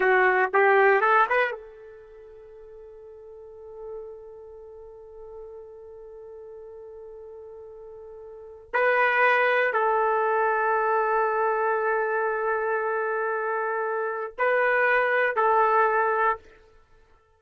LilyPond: \new Staff \with { instrumentName = "trumpet" } { \time 4/4 \tempo 4 = 117 fis'4 g'4 a'8 b'8 a'4~ | a'1~ | a'1~ | a'1~ |
a'4 b'2 a'4~ | a'1~ | a'1 | b'2 a'2 | }